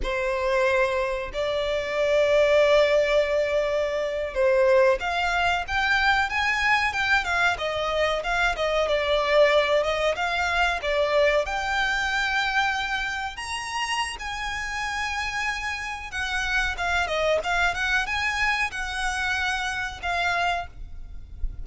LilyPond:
\new Staff \with { instrumentName = "violin" } { \time 4/4 \tempo 4 = 93 c''2 d''2~ | d''2~ d''8. c''4 f''16~ | f''8. g''4 gis''4 g''8 f''8 dis''16~ | dis''8. f''8 dis''8 d''4. dis''8 f''16~ |
f''8. d''4 g''2~ g''16~ | g''8. ais''4~ ais''16 gis''2~ | gis''4 fis''4 f''8 dis''8 f''8 fis''8 | gis''4 fis''2 f''4 | }